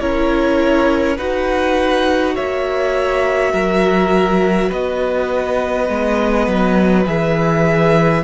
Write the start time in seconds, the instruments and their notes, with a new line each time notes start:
0.00 cello C#4, viola E4, violin A#4 C#5
1.17 cello D#4, viola F#4, violin B4 F#5
2.35 cello A#3, violin C#5 E5
3.52 cello F#3, violin A#4
4.69 cello B3, violin B4 D#5
5.87 cello G#3, viola B3
6.47 cello F#3
7.06 cello E3, viola G#4, violin E5